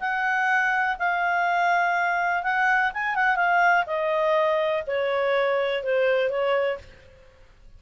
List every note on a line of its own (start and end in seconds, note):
0.00 0.97 F#5
0.99 2.43 F5
2.43 2.92 F#5
2.93 3.15 G#5
3.15 3.36 F#5
3.36 3.84 F5
3.86 4.83 D#5
4.87 5.83 C#5
5.83 6.30 C5
6.30 6.78 C#5